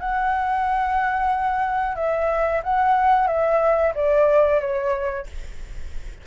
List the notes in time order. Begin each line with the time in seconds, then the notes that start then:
0.00 F#5
1.96 E5
2.63 F#5
3.28 E5
3.95 D5
4.61 C#5